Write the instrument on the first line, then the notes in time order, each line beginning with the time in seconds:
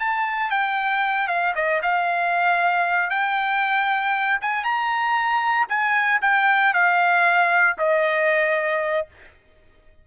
trumpet
0.00 A5
0.51 G5
1.28 F5
1.56 D#5
1.83 F5
3.10 G5
4.42 G#5
4.64 A#5
5.69 G#5
6.22 G5
6.74 F5
7.78 D#5